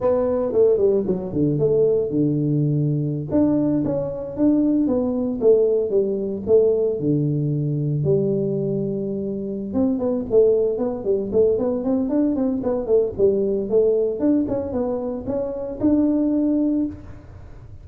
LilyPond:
\new Staff \with { instrumentName = "tuba" } { \time 4/4 \tempo 4 = 114 b4 a8 g8 fis8 d8 a4 | d2~ d16 d'4 cis'8.~ | cis'16 d'4 b4 a4 g8.~ | g16 a4 d2 g8.~ |
g2~ g8 c'8 b8 a8~ | a8 b8 g8 a8 b8 c'8 d'8 c'8 | b8 a8 g4 a4 d'8 cis'8 | b4 cis'4 d'2 | }